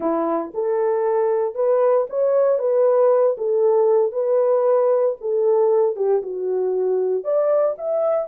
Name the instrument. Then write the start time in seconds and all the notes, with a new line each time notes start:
horn
0.00 E4
0.54 A4
1.54 B4
2.09 C#5
2.59 B4
3.37 A4
4.12 B4
5.21 A4
5.96 G4
6.22 F#4
7.23 D5
7.78 E5